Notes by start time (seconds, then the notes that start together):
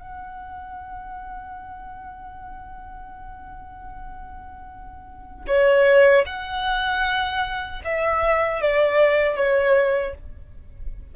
0.00 F#5
5.47 C#5
6.26 F#5
7.84 E5
8.61 D5
9.36 C#5